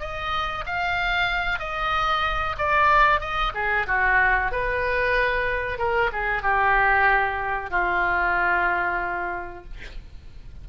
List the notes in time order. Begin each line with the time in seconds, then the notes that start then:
0.00 D#5
0.66 F5
1.60 D#5
2.58 D5
3.21 D#5
3.55 G#4
3.87 F#4
4.52 B4
5.79 A#4
6.12 G#4
6.43 G4
7.70 F4